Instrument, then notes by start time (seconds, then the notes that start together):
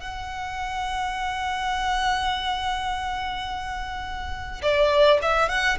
violin
0.00 F#5
4.62 D5
5.22 E5
5.49 F#5